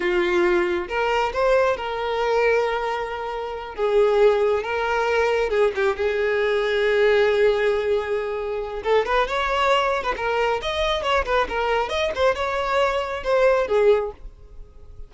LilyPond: \new Staff \with { instrumentName = "violin" } { \time 4/4 \tempo 4 = 136 f'2 ais'4 c''4 | ais'1~ | ais'8 gis'2 ais'4.~ | ais'8 gis'8 g'8 gis'2~ gis'8~ |
gis'1 | a'8 b'8 cis''4.~ cis''16 b'16 ais'4 | dis''4 cis''8 b'8 ais'4 dis''8 c''8 | cis''2 c''4 gis'4 | }